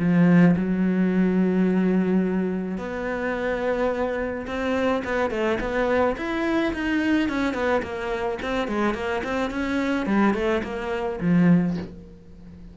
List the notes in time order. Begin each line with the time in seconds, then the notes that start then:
0.00 F3
0.57 F#3
2.78 B3
4.47 C4
5.05 B3
5.31 A3
5.61 B3
6.17 E4
6.74 D#4
7.29 C#4
7.54 B3
7.83 A#3
8.43 C4
8.68 G#3
8.95 A#3
9.24 C4
9.51 C#4
10.07 G3
10.35 A3
10.64 A#3
11.21 F3